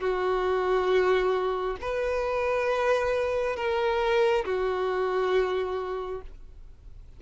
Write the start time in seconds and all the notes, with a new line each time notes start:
0.00 F#4
1.81 B4
3.56 A#4
4.45 F#4